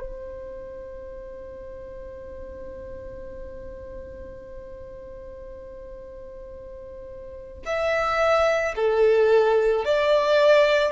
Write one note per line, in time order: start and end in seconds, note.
0.00 7.64 C5
7.66 8.75 E5
8.76 9.85 A4
9.85 10.92 D5